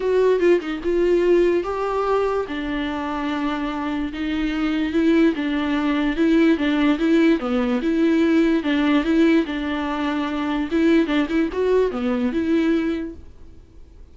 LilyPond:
\new Staff \with { instrumentName = "viola" } { \time 4/4 \tempo 4 = 146 fis'4 f'8 dis'8 f'2 | g'2 d'2~ | d'2 dis'2 | e'4 d'2 e'4 |
d'4 e'4 b4 e'4~ | e'4 d'4 e'4 d'4~ | d'2 e'4 d'8 e'8 | fis'4 b4 e'2 | }